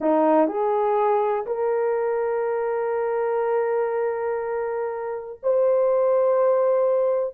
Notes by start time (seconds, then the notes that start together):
0.00 D#4
0.47 G#4
1.46 A#4
5.42 C5